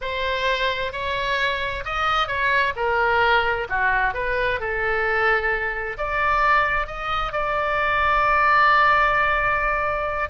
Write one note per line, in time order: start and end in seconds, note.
0.01 0.92 C5
0.92 1.84 C#5
1.84 2.27 D#5
2.27 2.73 C#5
2.76 3.67 A#4
3.69 4.14 F#4
4.14 4.59 B4
4.59 5.97 A4
5.97 6.86 D5
6.86 7.32 D#5
7.32 10.29 D5